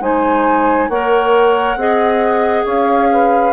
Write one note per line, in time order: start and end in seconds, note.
0.00 0.88 G#3
0.00 0.89 D#4
0.00 0.88 C5
0.00 0.89 G#5
0.88 1.76 A#3
0.88 1.78 A#4
0.88 1.76 C#5
0.88 2.65 F#5
1.76 2.64 C4
1.76 3.53 G#4
1.76 2.64 D#5
2.64 3.53 C#4
2.64 3.08 C#5
2.64 3.53 F5
3.12 3.53 B4